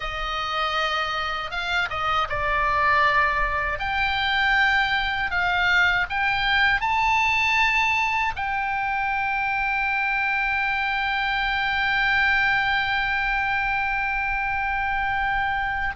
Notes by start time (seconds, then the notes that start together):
0.00 D#5
1.50 F5
1.90 D#5
2.29 D5
3.79 G5
5.30 F5
6.09 G5
6.80 A5
8.35 G5